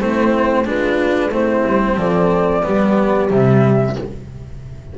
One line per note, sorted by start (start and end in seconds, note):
0.00 0.65 A3
0.00 0.64 C4
0.00 0.66 E4
0.00 0.67 C5
0.64 1.31 G#3
0.64 1.30 D4
0.64 1.30 F4
0.64 1.33 B4
1.30 1.64 A3
1.30 2.62 C4
1.30 1.96 E4
1.30 1.98 C5
1.66 1.96 G3
1.96 2.62 F3
1.96 2.64 A4
1.96 3.30 D5
2.62 3.30 G3
2.62 3.28 B3
2.62 3.97 G4
3.29 3.96 C3
3.29 3.95 G3
3.29 3.98 E5